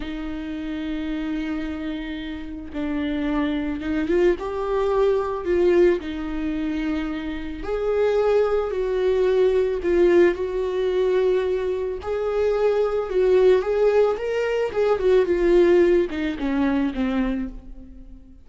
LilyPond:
\new Staff \with { instrumentName = "viola" } { \time 4/4 \tempo 4 = 110 dis'1~ | dis'4 d'2 dis'8 f'8 | g'2 f'4 dis'4~ | dis'2 gis'2 |
fis'2 f'4 fis'4~ | fis'2 gis'2 | fis'4 gis'4 ais'4 gis'8 fis'8 | f'4. dis'8 cis'4 c'4 | }